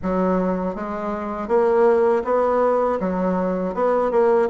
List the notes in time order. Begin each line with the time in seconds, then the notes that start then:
0.02 F#3
0.75 G#3
1.48 A#3
2.24 B3
3.00 F#3
3.74 B3
4.10 A#3